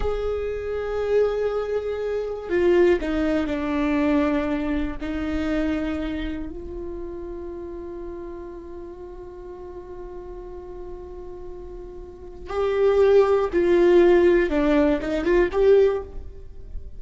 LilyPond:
\new Staff \with { instrumentName = "viola" } { \time 4/4 \tempo 4 = 120 gis'1~ | gis'4 f'4 dis'4 d'4~ | d'2 dis'2~ | dis'4 f'2.~ |
f'1~ | f'1~ | f'4 g'2 f'4~ | f'4 d'4 dis'8 f'8 g'4 | }